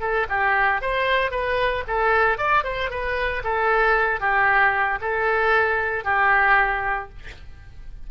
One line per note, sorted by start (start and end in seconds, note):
0.00 0.26 A4
0.29 0.81 G4
0.81 1.31 C5
1.31 1.83 B4
1.87 2.38 A4
2.38 2.64 D5
2.64 2.90 C5
2.90 3.43 B4
3.44 4.20 A4
4.20 4.99 G4
5.01 6.04 A4
6.04 7.09 G4